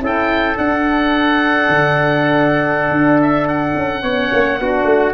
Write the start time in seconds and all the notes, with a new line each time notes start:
0.00 C#4 E4 A4 G5
0.57 D4 F#5
1.69 D3
2.90 D4
3.21 E5
3.48 F#5
3.76 C#4
4.03 B3 C#4 C#5
4.33 A#3
4.59 B3 D4 F#4
4.84 A3